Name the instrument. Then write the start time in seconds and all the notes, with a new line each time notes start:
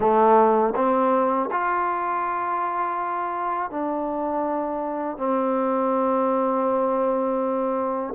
trombone
0.00 A3
0.75 C4
1.51 F4
3.70 D4
5.17 C4